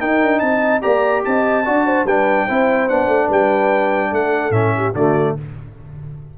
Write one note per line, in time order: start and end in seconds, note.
0.00 0.82 D#4
0.00 0.22 D#4
0.00 0.42 A#4
0.00 0.40 G5
0.22 0.42 D4
0.40 0.83 C4
0.40 0.83 D#5
0.40 0.81 A5
0.82 1.26 A#3
0.82 1.64 G4
0.82 1.24 D5
0.82 1.23 A#5
1.25 1.68 C4
1.25 1.66 D#5
1.25 2.07 A5
1.66 2.05 D4
1.66 2.07 F#4
1.66 1.87 D5
1.87 2.06 C5
2.05 2.46 G3
2.05 2.49 D4
2.05 2.46 B4
2.05 2.89 G5
2.46 2.90 C4
2.46 2.90 E4
2.46 3.27 C5
2.89 3.08 B3
2.89 4.52 D4
2.89 3.30 F#5
3.08 3.29 A3
3.27 4.12 G3
3.27 4.09 B4
3.27 4.14 G5
4.12 4.51 A3
4.12 4.76 A4
4.12 4.52 F#5
4.51 4.92 A2
4.51 4.93 C#4
4.51 4.93 E5
4.77 4.96 G4
4.95 5.36 D3
4.95 5.38 A3
4.95 5.37 F#4
4.95 5.37 D5